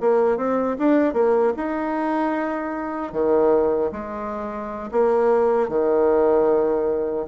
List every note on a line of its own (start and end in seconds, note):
0.00 0.37 A#3
0.37 0.76 C4
0.78 1.13 D4
1.13 1.53 A#3
1.56 3.12 D#4
3.12 3.91 D#3
3.92 4.90 G#3
4.91 5.68 A#3
5.68 7.26 D#3